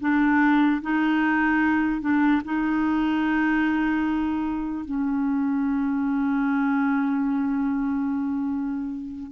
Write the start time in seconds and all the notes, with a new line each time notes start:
0.00 D4
0.81 D#4
2.00 D4
2.44 D#4
4.85 C#4